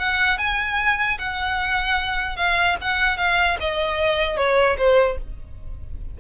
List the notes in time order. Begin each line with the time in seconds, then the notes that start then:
0.00 F#5
0.38 G#5
1.19 F#5
2.37 F5
2.82 F#5
3.18 F5
3.61 D#5
4.37 C#5
4.78 C5